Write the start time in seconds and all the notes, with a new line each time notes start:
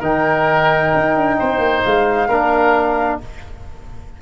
0.00 D#3 D#4 A#4 G5
0.94 D#4
1.17 D4
1.39 C4 C5
1.59 A#3
1.84 G#3 F5
2.29 A#3 D4 A#4